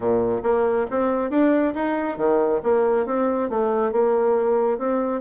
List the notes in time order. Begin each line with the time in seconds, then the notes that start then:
0.00 A#2
0.42 A#3
0.90 C4
1.30 D4
1.74 D#4
2.17 D#3
2.63 A#3
3.06 C4
3.49 A3
3.92 A#3
4.78 C4